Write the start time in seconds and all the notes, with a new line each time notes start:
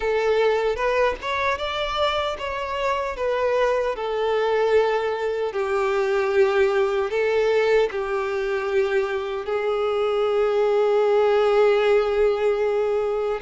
0.00 A4
0.75 B4
1.21 C#5
1.58 D5
2.38 C#5
3.16 B4
3.95 A4
5.52 G4
7.10 A4
7.91 G4
9.45 G#4